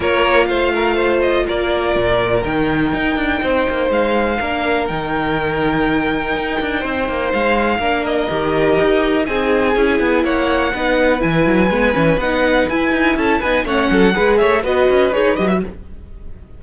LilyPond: <<
  \new Staff \with { instrumentName = "violin" } { \time 4/4 \tempo 4 = 123 cis''4 f''4. dis''8 d''4~ | d''4 g''2. | f''2 g''2~ | g''2. f''4~ |
f''8 dis''2~ dis''8 gis''4~ | gis''4 fis''2 gis''4~ | gis''4 fis''4 gis''4 a''8 gis''8 | fis''4. e''8 dis''4 cis''8 dis''16 e''16 | }
  \new Staff \with { instrumentName = "violin" } { \time 4/4 ais'4 c''8 ais'8 c''4 ais'4~ | ais'2. c''4~ | c''4 ais'2.~ | ais'2 c''2 |
ais'2. gis'4~ | gis'4 cis''4 b'2~ | b'2. a'8 b'8 | cis''8 a'8 b'8 cis''8 b'2 | }
  \new Staff \with { instrumentName = "viola" } { \time 4/4 f'1~ | f'4 dis'2.~ | dis'4 d'4 dis'2~ | dis'1 |
d'4 g'2 dis'4 | e'2 dis'4 e'4 | b8 cis'8 dis'4 e'4. dis'8 | cis'4 gis'4 fis'4 gis'8 g'16 fis'16 | }
  \new Staff \with { instrumentName = "cello" } { \time 4/4 ais4 a2 ais4 | ais,4 dis4 dis'8 d'8 c'8 ais8 | gis4 ais4 dis2~ | dis4 dis'8 d'8 c'8 ais8 gis4 |
ais4 dis4 dis'4 c'4 | cis'8 b8 ais4 b4 e8 fis8 | gis8 e8 b4 e'8 dis'8 cis'8 b8 | a8 fis8 gis8 a8 b8 cis'8 dis'8 fis8 | }
>>